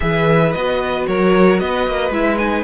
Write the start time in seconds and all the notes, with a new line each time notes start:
0.00 E3 G#4 B4 E5
0.52 B3 F#4 D#5
1.07 F#3 A#4 C#5
1.59 B3 B4 D#5
1.87 A#3
2.10 G#3 E4 E5
2.38 D#4 G#5